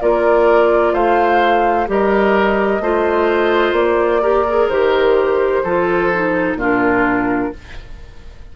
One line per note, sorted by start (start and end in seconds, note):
0.00 0.93 A#3
0.00 1.87 F4
0.00 0.93 A#4
0.00 0.94 D5
0.93 1.87 A3
0.93 1.86 C5
0.93 1.88 F5
1.87 2.79 G3
1.87 2.80 G4
1.87 2.82 A#4
1.87 3.74 D#5
2.79 3.72 A3
2.79 4.21 F4
2.79 4.21 C5
3.72 4.66 A#3
3.72 4.68 D5
4.21 4.45 G4
4.21 5.62 A#4
4.48 4.71 G#4
4.68 5.63 D#3
4.68 5.65 G4
4.68 6.56 C5
5.63 6.54 F3
5.63 6.12 F4
5.63 6.57 A4
6.13 6.59 D#4
6.54 7.48 A#2
6.54 7.53 D4
6.54 7.52 F4
6.62 7.56 A#4